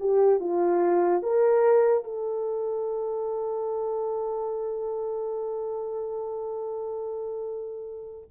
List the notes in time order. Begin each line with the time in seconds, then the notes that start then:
0.00 G4
0.40 F4
1.23 A#4
2.04 A4